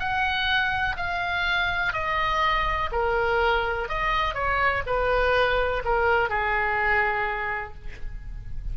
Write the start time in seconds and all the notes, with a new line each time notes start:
0.00 F#5
0.97 F5
1.94 D#5
2.92 A#4
3.89 D#5
4.35 C#5
4.87 B4
5.85 A#4
6.29 G#4